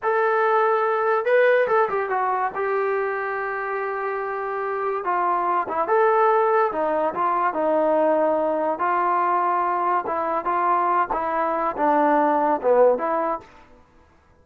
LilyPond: \new Staff \with { instrumentName = "trombone" } { \time 4/4 \tempo 4 = 143 a'2. b'4 | a'8 g'8 fis'4 g'2~ | g'1 | f'4. e'8 a'2 |
dis'4 f'4 dis'2~ | dis'4 f'2. | e'4 f'4. e'4. | d'2 b4 e'4 | }